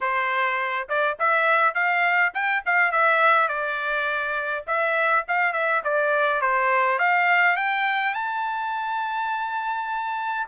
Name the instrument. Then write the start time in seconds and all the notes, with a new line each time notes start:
trumpet
0.01 C5
0.88 D5
1.19 E5
1.74 F5
2.34 G5
2.65 F5
2.91 E5
3.48 D5
4.67 E5
5.27 F5
5.53 E5
5.84 D5
6.41 C5
6.98 F5
7.56 G5
8.14 A5